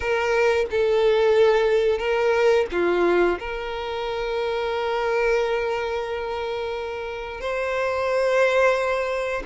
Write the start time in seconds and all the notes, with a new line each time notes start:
0.00 A#4
0.70 A4
1.98 A#4
2.71 F4
3.39 A#4
7.40 C5